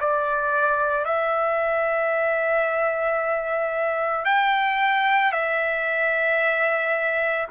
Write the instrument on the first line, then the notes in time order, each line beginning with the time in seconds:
trumpet
0.00 D5
1.05 E5
4.25 G5
5.32 E5